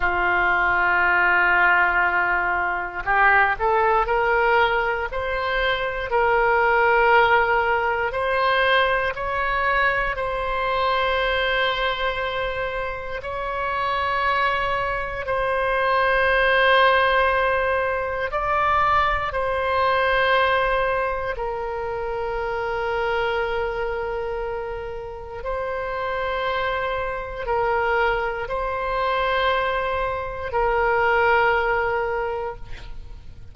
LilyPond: \new Staff \with { instrumentName = "oboe" } { \time 4/4 \tempo 4 = 59 f'2. g'8 a'8 | ais'4 c''4 ais'2 | c''4 cis''4 c''2~ | c''4 cis''2 c''4~ |
c''2 d''4 c''4~ | c''4 ais'2.~ | ais'4 c''2 ais'4 | c''2 ais'2 | }